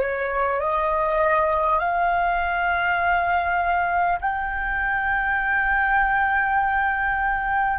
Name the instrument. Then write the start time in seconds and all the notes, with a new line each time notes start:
flute
0.00 C#5
0.60 D#5
1.79 F5
4.21 G5